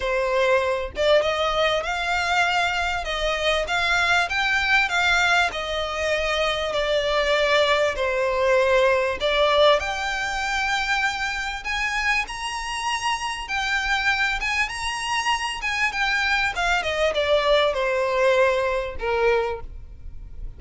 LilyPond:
\new Staff \with { instrumentName = "violin" } { \time 4/4 \tempo 4 = 98 c''4. d''8 dis''4 f''4~ | f''4 dis''4 f''4 g''4 | f''4 dis''2 d''4~ | d''4 c''2 d''4 |
g''2. gis''4 | ais''2 g''4. gis''8 | ais''4. gis''8 g''4 f''8 dis''8 | d''4 c''2 ais'4 | }